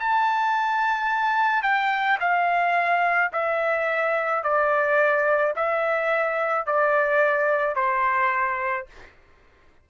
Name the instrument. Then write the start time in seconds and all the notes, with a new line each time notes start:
trumpet
0.00 A5
1.63 G5
2.20 F5
3.32 E5
4.43 D5
5.56 E5
6.66 D5
7.75 C5